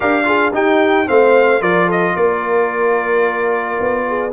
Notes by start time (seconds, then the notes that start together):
0.00 D4 G4 A#4 F5
0.24 F4 G#4
0.53 D#4 G4 G5
1.06 A3 C4 C5 F5
1.60 F3 F4 A#4 D5
1.86 A4 D#5
2.16 A#3 A#4 D5
3.80 B3
4.07 G#4